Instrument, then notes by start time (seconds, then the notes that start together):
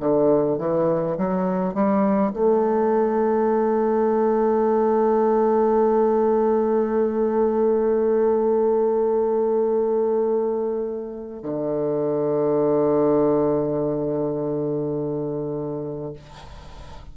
bassoon
0.00 D3
0.58 E3
1.18 F#3
1.74 G3
2.33 A3
11.43 D3